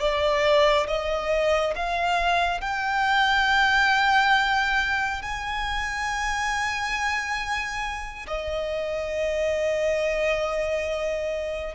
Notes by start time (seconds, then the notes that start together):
0.00 D5
0.87 D#5
1.76 F5
2.61 G5
5.23 G#5
8.28 D#5